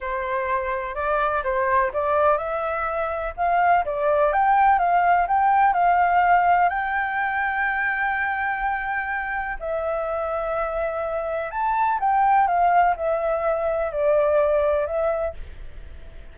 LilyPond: \new Staff \with { instrumentName = "flute" } { \time 4/4 \tempo 4 = 125 c''2 d''4 c''4 | d''4 e''2 f''4 | d''4 g''4 f''4 g''4 | f''2 g''2~ |
g''1 | e''1 | a''4 g''4 f''4 e''4~ | e''4 d''2 e''4 | }